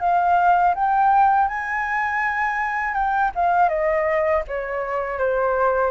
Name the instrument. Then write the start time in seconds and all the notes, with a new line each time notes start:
flute
0.00 F5
0.74 G5
1.47 G#5
2.94 G5
3.35 F5
3.69 D#5
4.47 C#5
5.18 C5